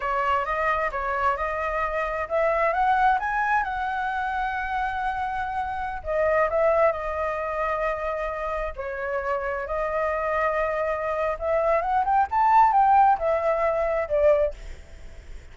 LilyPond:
\new Staff \with { instrumentName = "flute" } { \time 4/4 \tempo 4 = 132 cis''4 dis''4 cis''4 dis''4~ | dis''4 e''4 fis''4 gis''4 | fis''1~ | fis''4~ fis''16 dis''4 e''4 dis''8.~ |
dis''2.~ dis''16 cis''8.~ | cis''4~ cis''16 dis''2~ dis''8.~ | dis''4 e''4 fis''8 g''8 a''4 | g''4 e''2 d''4 | }